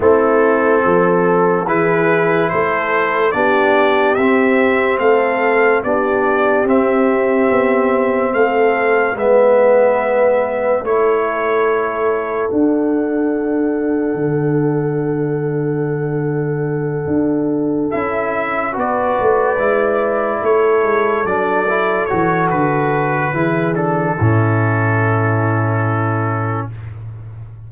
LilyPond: <<
  \new Staff \with { instrumentName = "trumpet" } { \time 4/4 \tempo 4 = 72 a'2 b'4 c''4 | d''4 e''4 f''4 d''4 | e''2 f''4 e''4~ | e''4 cis''2 fis''4~ |
fis''1~ | fis''4. e''4 d''4.~ | d''8 cis''4 d''4 cis''8 b'4~ | b'8 a'2.~ a'8 | }
  \new Staff \with { instrumentName = "horn" } { \time 4/4 e'4 a'4 gis'4 a'4 | g'2 a'4 g'4~ | g'2 a'4 b'4~ | b'4 a'2.~ |
a'1~ | a'2~ a'8 b'4.~ | b'8 a'2.~ a'8 | gis'4 e'2. | }
  \new Staff \with { instrumentName = "trombone" } { \time 4/4 c'2 e'2 | d'4 c'2 d'4 | c'2. b4~ | b4 e'2 d'4~ |
d'1~ | d'4. e'4 fis'4 e'8~ | e'4. d'8 e'8 fis'4. | e'8 d'8 cis'2. | }
  \new Staff \with { instrumentName = "tuba" } { \time 4/4 a4 f4 e4 a4 | b4 c'4 a4 b4 | c'4 b4 a4 gis4~ | gis4 a2 d'4~ |
d'4 d2.~ | d8 d'4 cis'4 b8 a8 gis8~ | gis8 a8 gis8 fis4 e8 d4 | e4 a,2. | }
>>